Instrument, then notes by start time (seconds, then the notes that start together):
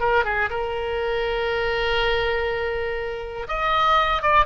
oboe
0.00 A#4
0.25 G#4
0.50 A#4
3.48 D#5
4.23 D5